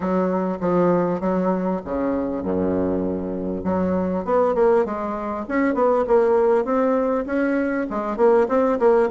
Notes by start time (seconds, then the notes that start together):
0.00 F#3
0.60 F3
1.20 F#3
1.85 C#3
2.42 F#2
3.64 F#3
4.24 B3
4.55 A#3
4.85 G#3
5.48 C#4
5.74 B3
6.07 A#3
6.64 C4
7.26 C#4
7.90 G#3
8.17 A#3
8.48 C4
8.79 A#3